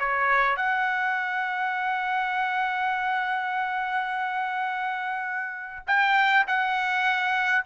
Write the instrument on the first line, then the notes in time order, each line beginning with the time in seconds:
trumpet
0.00 C#5
0.57 F#5
5.88 G5
6.48 F#5